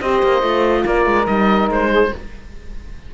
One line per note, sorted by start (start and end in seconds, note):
0.00 0.22 C4
0.00 0.40 G4
0.00 0.83 C5
0.00 0.85 D#5
0.23 0.42 A#3
0.40 0.84 A3
0.40 1.25 F4
0.83 1.06 A#3
0.83 1.89 A#4
0.83 1.26 D5
1.06 1.27 G#3
1.26 1.68 G3
1.26 2.11 D#4
1.26 1.68 D#5
1.68 2.11 G#3
1.68 2.14 C5
1.90 2.11 G#4